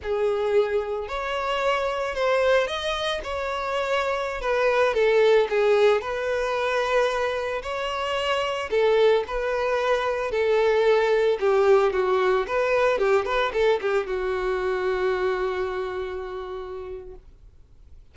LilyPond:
\new Staff \with { instrumentName = "violin" } { \time 4/4 \tempo 4 = 112 gis'2 cis''2 | c''4 dis''4 cis''2~ | cis''16 b'4 a'4 gis'4 b'8.~ | b'2~ b'16 cis''4.~ cis''16~ |
cis''16 a'4 b'2 a'8.~ | a'4~ a'16 g'4 fis'4 b'8.~ | b'16 g'8 b'8 a'8 g'8 fis'4.~ fis'16~ | fis'1 | }